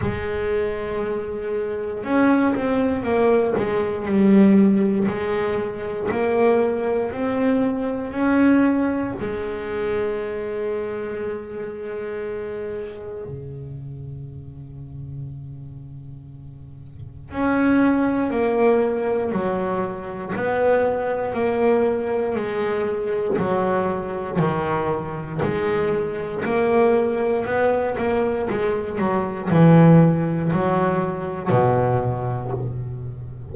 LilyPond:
\new Staff \with { instrumentName = "double bass" } { \time 4/4 \tempo 4 = 59 gis2 cis'8 c'8 ais8 gis8 | g4 gis4 ais4 c'4 | cis'4 gis2.~ | gis4 cis2.~ |
cis4 cis'4 ais4 fis4 | b4 ais4 gis4 fis4 | dis4 gis4 ais4 b8 ais8 | gis8 fis8 e4 fis4 b,4 | }